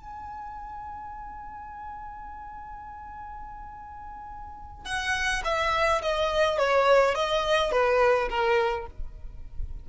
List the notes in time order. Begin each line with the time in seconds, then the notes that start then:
0.00 G#5
4.85 F#5
5.45 E5
6.02 D#5
6.58 C#5
7.15 D#5
7.72 B4
8.29 A#4